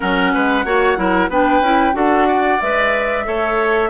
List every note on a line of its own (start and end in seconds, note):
0.00 0.34 F#3
0.00 0.64 C#4
0.00 0.32 A#4
0.00 1.30 F#5
0.33 0.64 G#3
0.33 0.65 B4
0.64 0.97 A#3
0.64 0.96 F#4
0.64 0.97 C#5
0.96 1.28 F#3
0.96 1.29 E4
0.96 1.29 A#4
1.28 1.60 B3
1.28 1.62 D4
1.28 1.95 B4
1.28 1.96 G5
1.60 1.93 C#4
1.60 1.92 E4
1.92 2.59 D4
1.92 2.57 F#4
1.92 2.28 A4
1.92 2.61 F#5
2.28 3.26 D5
2.61 3.26 G#3
2.61 3.24 B4
2.61 3.89 E5
3.24 3.89 A3
3.24 3.89 A4
3.24 3.89 C#5